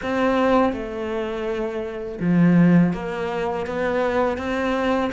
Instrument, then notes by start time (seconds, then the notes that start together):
cello
0.02 C4
0.73 A3
2.20 F3
2.93 A#3
3.66 B3
4.37 C4